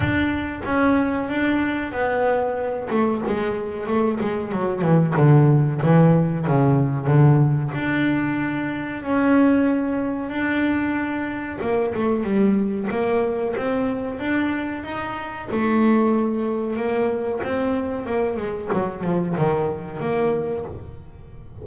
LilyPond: \new Staff \with { instrumentName = "double bass" } { \time 4/4 \tempo 4 = 93 d'4 cis'4 d'4 b4~ | b8 a8 gis4 a8 gis8 fis8 e8 | d4 e4 cis4 d4 | d'2 cis'2 |
d'2 ais8 a8 g4 | ais4 c'4 d'4 dis'4 | a2 ais4 c'4 | ais8 gis8 fis8 f8 dis4 ais4 | }